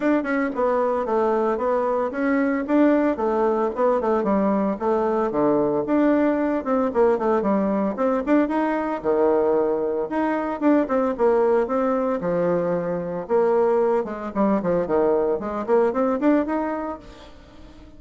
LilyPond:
\new Staff \with { instrumentName = "bassoon" } { \time 4/4 \tempo 4 = 113 d'8 cis'8 b4 a4 b4 | cis'4 d'4 a4 b8 a8 | g4 a4 d4 d'4~ | d'8 c'8 ais8 a8 g4 c'8 d'8 |
dis'4 dis2 dis'4 | d'8 c'8 ais4 c'4 f4~ | f4 ais4. gis8 g8 f8 | dis4 gis8 ais8 c'8 d'8 dis'4 | }